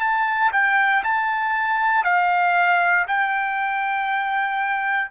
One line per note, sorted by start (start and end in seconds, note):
0.00 0.51 A5
0.52 1.03 G5
1.04 2.04 A5
2.04 3.06 F5
3.07 5.11 G5